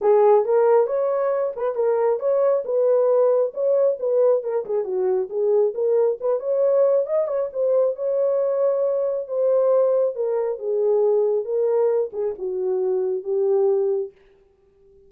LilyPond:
\new Staff \with { instrumentName = "horn" } { \time 4/4 \tempo 4 = 136 gis'4 ais'4 cis''4. b'8 | ais'4 cis''4 b'2 | cis''4 b'4 ais'8 gis'8 fis'4 | gis'4 ais'4 b'8 cis''4. |
dis''8 cis''8 c''4 cis''2~ | cis''4 c''2 ais'4 | gis'2 ais'4. gis'8 | fis'2 g'2 | }